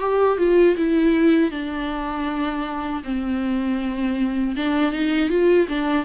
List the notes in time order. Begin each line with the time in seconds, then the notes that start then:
0.00 G4
0.38 F4
0.77 E4
1.51 D4
3.04 C4
4.57 D4
4.93 D#4
5.30 F4
5.68 D4